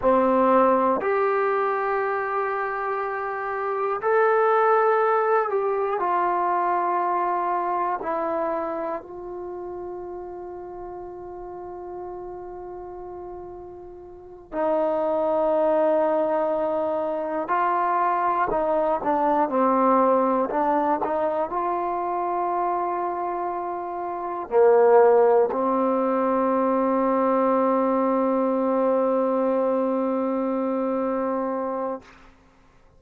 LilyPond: \new Staff \with { instrumentName = "trombone" } { \time 4/4 \tempo 4 = 60 c'4 g'2. | a'4. g'8 f'2 | e'4 f'2.~ | f'2~ f'8 dis'4.~ |
dis'4. f'4 dis'8 d'8 c'8~ | c'8 d'8 dis'8 f'2~ f'8~ | f'8 ais4 c'2~ c'8~ | c'1 | }